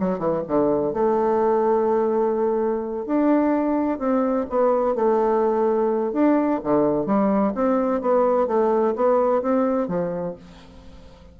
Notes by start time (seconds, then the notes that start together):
0.00 F#3
0.19 E3
0.47 D3
0.93 A3
3.06 D4
3.99 C4
4.49 B3
4.95 A3
6.13 D4
6.63 D3
7.06 G3
7.55 C4
8.01 B3
8.47 A3
8.95 B3
9.42 C4
9.88 F3